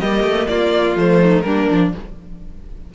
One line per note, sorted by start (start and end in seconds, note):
0.00 0.23 G3
0.00 0.96 A#3
0.00 0.48 G4
0.00 0.48 D#5
0.23 0.48 A3
0.48 0.96 A#3
0.48 1.22 F4
0.48 0.96 D5
0.96 1.44 F3
0.96 1.45 A3
0.96 1.41 C5
1.22 1.45 D#4
1.41 1.68 G3
1.41 1.70 A#3
1.41 1.93 D4
1.41 1.90 A#4
1.70 1.95 F3
1.70 1.95 D4